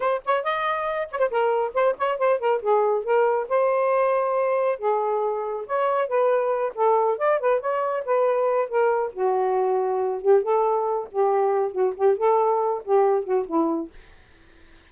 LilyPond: \new Staff \with { instrumentName = "saxophone" } { \time 4/4 \tempo 4 = 138 c''8 cis''8 dis''4. cis''16 c''16 ais'4 | c''8 cis''8 c''8 ais'8 gis'4 ais'4 | c''2. gis'4~ | gis'4 cis''4 b'4. a'8~ |
a'8 d''8 b'8 cis''4 b'4. | ais'4 fis'2~ fis'8 g'8 | a'4. g'4. fis'8 g'8 | a'4. g'4 fis'8 e'4 | }